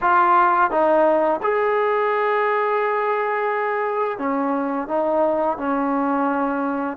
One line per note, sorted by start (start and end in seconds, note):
0.01 0.70 F4
0.70 1.40 D#4
1.42 4.18 G#4
4.18 4.87 C#4
4.87 5.57 D#4
5.57 6.97 C#4